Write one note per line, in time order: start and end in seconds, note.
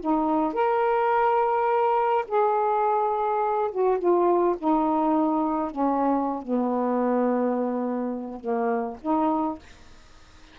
0.00 0.53 D#4
0.53 2.24 A#4
2.27 3.70 G#4
3.71 3.98 F#4
3.98 4.56 F4
4.58 5.71 D#4
5.71 6.42 C#4
6.42 8.40 B3
8.40 8.97 A#3
9.01 9.58 D#4